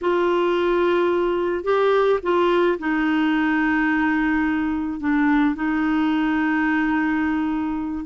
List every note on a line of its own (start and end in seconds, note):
0.01 1.64 F4
1.64 2.19 G4
2.22 2.78 F4
2.78 4.99 D#4
4.99 5.55 D4
5.55 8.05 D#4